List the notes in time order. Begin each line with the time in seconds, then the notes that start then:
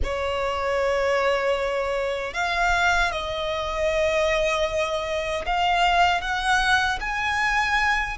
0.03 C#5
2.33 F5
3.11 D#5
5.46 F5
6.21 F#5
7.00 G#5